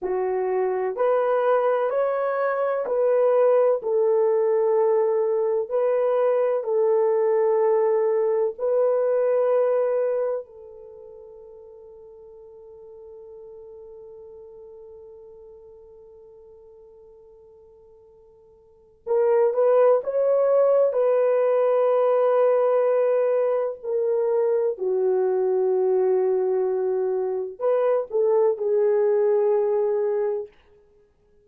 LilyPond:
\new Staff \with { instrumentName = "horn" } { \time 4/4 \tempo 4 = 63 fis'4 b'4 cis''4 b'4 | a'2 b'4 a'4~ | a'4 b'2 a'4~ | a'1~ |
a'1 | ais'8 b'8 cis''4 b'2~ | b'4 ais'4 fis'2~ | fis'4 b'8 a'8 gis'2 | }